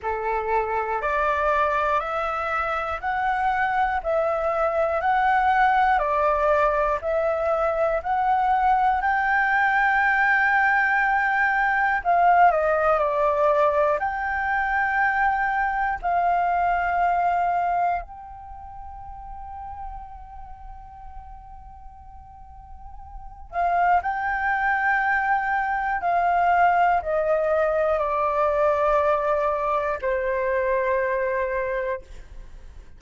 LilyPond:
\new Staff \with { instrumentName = "flute" } { \time 4/4 \tempo 4 = 60 a'4 d''4 e''4 fis''4 | e''4 fis''4 d''4 e''4 | fis''4 g''2. | f''8 dis''8 d''4 g''2 |
f''2 g''2~ | g''2.~ g''8 f''8 | g''2 f''4 dis''4 | d''2 c''2 | }